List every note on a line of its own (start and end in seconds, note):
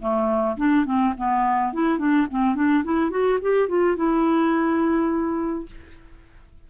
0.00 0.57 A3
0.57 0.85 D4
0.85 1.14 C4
1.18 1.74 B3
1.74 1.99 E4
1.99 2.27 D4
2.31 2.55 C4
2.55 2.84 D4
2.85 3.11 E4
3.11 3.39 F#4
3.42 3.69 G4
3.69 3.97 F4
3.97 5.67 E4